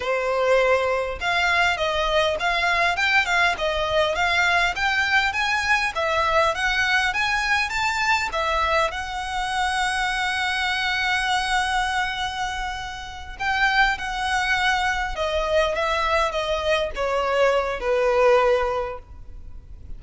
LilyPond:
\new Staff \with { instrumentName = "violin" } { \time 4/4 \tempo 4 = 101 c''2 f''4 dis''4 | f''4 g''8 f''8 dis''4 f''4 | g''4 gis''4 e''4 fis''4 | gis''4 a''4 e''4 fis''4~ |
fis''1~ | fis''2~ fis''8 g''4 fis''8~ | fis''4. dis''4 e''4 dis''8~ | dis''8 cis''4. b'2 | }